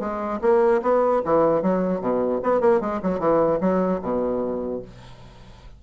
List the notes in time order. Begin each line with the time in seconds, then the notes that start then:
0.00 G#3
0.42 A#3
0.83 B3
1.25 E3
1.63 F#3
2.01 B2
2.43 B3
2.61 A#3
2.81 G#3
3.03 F#3
3.20 E3
3.61 F#3
4.02 B2